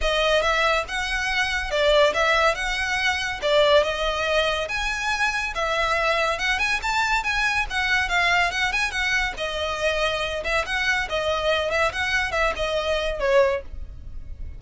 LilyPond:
\new Staff \with { instrumentName = "violin" } { \time 4/4 \tempo 4 = 141 dis''4 e''4 fis''2 | d''4 e''4 fis''2 | d''4 dis''2 gis''4~ | gis''4 e''2 fis''8 gis''8 |
a''4 gis''4 fis''4 f''4 | fis''8 gis''8 fis''4 dis''2~ | dis''8 e''8 fis''4 dis''4. e''8 | fis''4 e''8 dis''4. cis''4 | }